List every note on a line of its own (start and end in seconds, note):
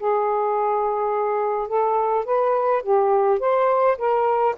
0.00 1.68 G#4
1.68 2.25 A4
2.25 2.83 B4
2.83 3.40 G4
3.40 3.98 C5
3.98 4.56 A#4